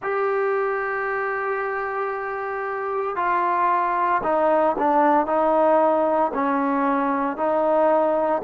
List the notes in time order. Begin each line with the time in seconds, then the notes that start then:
0.02 G4
3.16 F4
4.23 D#4
4.78 D4
5.26 D#4
6.34 C#4
7.36 D#4